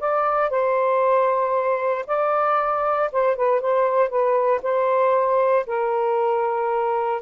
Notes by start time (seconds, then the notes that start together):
0.00 D5
0.51 C5
2.07 D5
3.12 C5
3.36 B4
3.61 C5
4.10 B4
4.63 C5
5.67 A#4